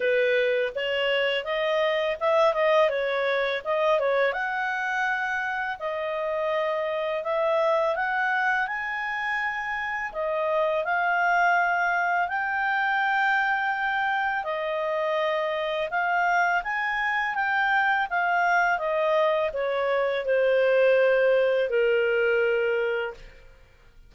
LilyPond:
\new Staff \with { instrumentName = "clarinet" } { \time 4/4 \tempo 4 = 83 b'4 cis''4 dis''4 e''8 dis''8 | cis''4 dis''8 cis''8 fis''2 | dis''2 e''4 fis''4 | gis''2 dis''4 f''4~ |
f''4 g''2. | dis''2 f''4 gis''4 | g''4 f''4 dis''4 cis''4 | c''2 ais'2 | }